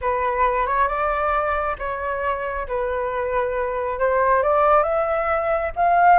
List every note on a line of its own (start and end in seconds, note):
0.01 0.66 B4
0.66 0.87 C#5
0.87 1.76 D5
1.79 2.67 C#5
2.67 3.99 B4
3.99 4.42 C5
4.42 4.83 D5
4.83 5.71 E5
5.76 6.19 F5